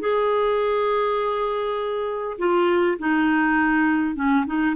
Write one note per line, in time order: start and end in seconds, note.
0.00 2.38 G#4
2.39 2.98 F4
2.99 4.16 D#4
4.16 4.45 C#4
4.46 4.76 D#4